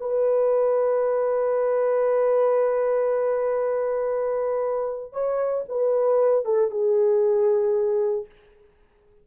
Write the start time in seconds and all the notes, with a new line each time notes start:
0.00 B4
5.12 C#5
5.68 B4
6.45 A4
6.71 G#4